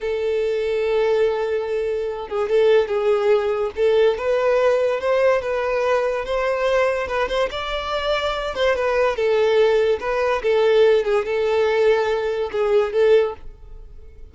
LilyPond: \new Staff \with { instrumentName = "violin" } { \time 4/4 \tempo 4 = 144 a'1~ | a'4. gis'8 a'4 gis'4~ | gis'4 a'4 b'2 | c''4 b'2 c''4~ |
c''4 b'8 c''8 d''2~ | d''8 c''8 b'4 a'2 | b'4 a'4. gis'8 a'4~ | a'2 gis'4 a'4 | }